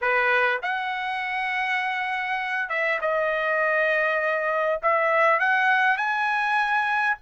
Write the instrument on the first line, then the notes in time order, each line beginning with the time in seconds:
trumpet
0.01 B4
0.62 F#5
2.69 E5
3.01 D#5
4.82 E5
5.39 F#5
5.97 G#5